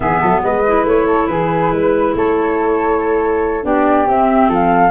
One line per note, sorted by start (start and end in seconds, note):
0.00 0.19 E3
0.00 0.63 B3
0.00 0.20 G#4
0.00 0.41 E5
0.20 0.43 F#3
0.20 0.42 A4
0.43 0.85 G#3
0.43 1.06 B4
0.43 0.86 D#5
0.67 3.62 E4
0.85 1.27 A3
0.85 1.27 C#5
1.06 1.27 A4
1.27 1.71 E3
1.27 1.72 G#4
1.27 2.13 B4
1.71 2.14 G#3
1.71 2.15 B4
2.15 3.64 A3
2.15 3.65 A4
2.15 3.64 C#5
3.62 4.07 B3
3.62 4.05 D4
3.62 4.48 G4
3.62 4.07 D5
4.05 4.90 C4
4.05 4.48 C4
4.05 4.51 E5
4.48 4.90 F3
4.48 4.90 A4
4.48 4.90 F5